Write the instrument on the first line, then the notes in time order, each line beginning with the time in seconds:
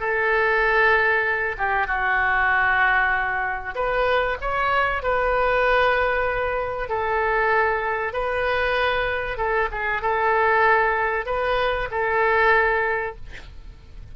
oboe
0.00 A4
1.58 G4
1.87 F#4
3.75 B4
4.41 C#5
5.03 B4
6.89 A4
8.13 B4
9.38 A4
9.72 G#4
10.02 A4
11.26 B4
11.91 A4